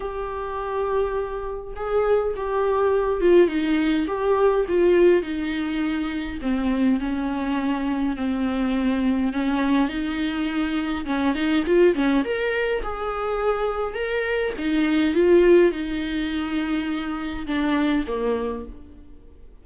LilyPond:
\new Staff \with { instrumentName = "viola" } { \time 4/4 \tempo 4 = 103 g'2. gis'4 | g'4. f'8 dis'4 g'4 | f'4 dis'2 c'4 | cis'2 c'2 |
cis'4 dis'2 cis'8 dis'8 | f'8 cis'8 ais'4 gis'2 | ais'4 dis'4 f'4 dis'4~ | dis'2 d'4 ais4 | }